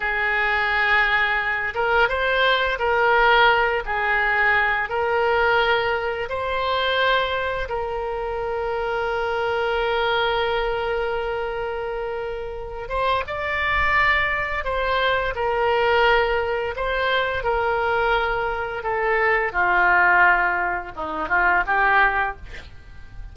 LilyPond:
\new Staff \with { instrumentName = "oboe" } { \time 4/4 \tempo 4 = 86 gis'2~ gis'8 ais'8 c''4 | ais'4. gis'4. ais'4~ | ais'4 c''2 ais'4~ | ais'1~ |
ais'2~ ais'8 c''8 d''4~ | d''4 c''4 ais'2 | c''4 ais'2 a'4 | f'2 dis'8 f'8 g'4 | }